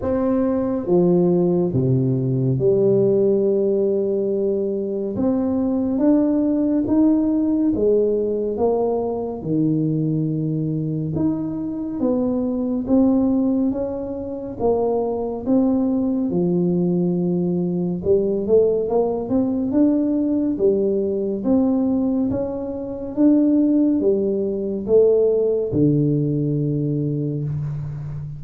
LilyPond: \new Staff \with { instrumentName = "tuba" } { \time 4/4 \tempo 4 = 70 c'4 f4 c4 g4~ | g2 c'4 d'4 | dis'4 gis4 ais4 dis4~ | dis4 dis'4 b4 c'4 |
cis'4 ais4 c'4 f4~ | f4 g8 a8 ais8 c'8 d'4 | g4 c'4 cis'4 d'4 | g4 a4 d2 | }